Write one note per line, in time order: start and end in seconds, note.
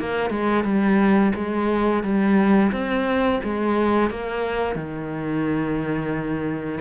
0.00 0.31 A#3
0.31 0.64 G#3
0.64 1.33 G3
1.35 2.04 G#3
2.04 2.72 G3
2.72 3.40 C4
3.44 4.11 G#3
4.11 4.75 A#3
4.75 6.80 D#3